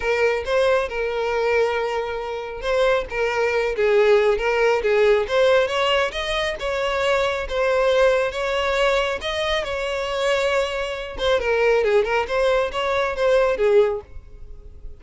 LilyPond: \new Staff \with { instrumentName = "violin" } { \time 4/4 \tempo 4 = 137 ais'4 c''4 ais'2~ | ais'2 c''4 ais'4~ | ais'8 gis'4. ais'4 gis'4 | c''4 cis''4 dis''4 cis''4~ |
cis''4 c''2 cis''4~ | cis''4 dis''4 cis''2~ | cis''4. c''8 ais'4 gis'8 ais'8 | c''4 cis''4 c''4 gis'4 | }